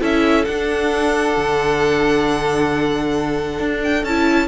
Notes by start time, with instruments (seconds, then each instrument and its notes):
0.00 cello C#4, viola E4, violin A4 E5
0.45 cello D4, viola D4, violin F#5
1.37 cello D3
3.60 cello D4
3.84 violin G5
4.04 cello C#4, viola E4, violin A5